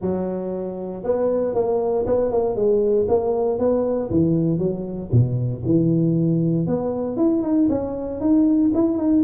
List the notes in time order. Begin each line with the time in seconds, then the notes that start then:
0.01 F#3
1.03 B3
1.54 A#3
2.06 B3
2.31 A#3
2.55 G#3
3.08 A#3
3.58 B3
4.10 E3
4.58 F#3
5.11 B2
5.65 E3
6.66 B3
7.16 E4
7.42 D#4
7.69 C#4
8.20 D#4
8.74 E4
8.97 D#4